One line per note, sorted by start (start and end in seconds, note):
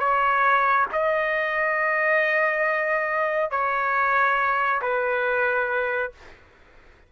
0.00 0.87 C#5
0.93 3.51 D#5
3.51 4.82 C#5
4.82 6.13 B4